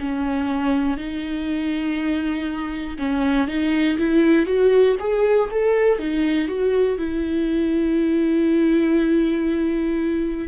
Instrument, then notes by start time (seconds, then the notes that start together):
viola
0.00 C#4
0.98 D#4
2.99 C#4
3.48 D#4
3.99 E4
4.46 F#4
5.00 G#4
5.51 A4
5.99 D#4
6.49 F#4
6.99 E4